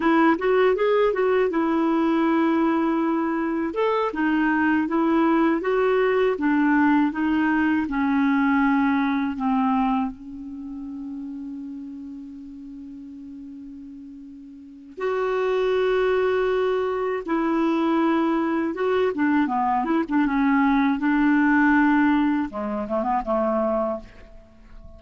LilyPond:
\new Staff \with { instrumentName = "clarinet" } { \time 4/4 \tempo 4 = 80 e'8 fis'8 gis'8 fis'8 e'2~ | e'4 a'8 dis'4 e'4 fis'8~ | fis'8 d'4 dis'4 cis'4.~ | cis'8 c'4 cis'2~ cis'8~ |
cis'1 | fis'2. e'4~ | e'4 fis'8 d'8 b8 e'16 d'16 cis'4 | d'2 gis8 a16 b16 a4 | }